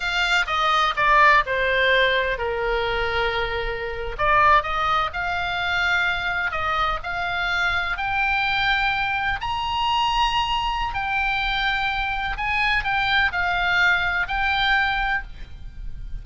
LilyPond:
\new Staff \with { instrumentName = "oboe" } { \time 4/4 \tempo 4 = 126 f''4 dis''4 d''4 c''4~ | c''4 ais'2.~ | ais'8. d''4 dis''4 f''4~ f''16~ | f''4.~ f''16 dis''4 f''4~ f''16~ |
f''8. g''2. ais''16~ | ais''2. g''4~ | g''2 gis''4 g''4 | f''2 g''2 | }